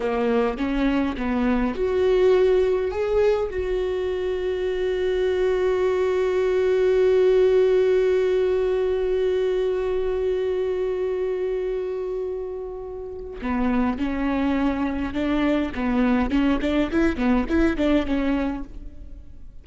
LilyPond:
\new Staff \with { instrumentName = "viola" } { \time 4/4 \tempo 4 = 103 ais4 cis'4 b4 fis'4~ | fis'4 gis'4 fis'2~ | fis'1~ | fis'1~ |
fis'1~ | fis'2. b4 | cis'2 d'4 b4 | cis'8 d'8 e'8 b8 e'8 d'8 cis'4 | }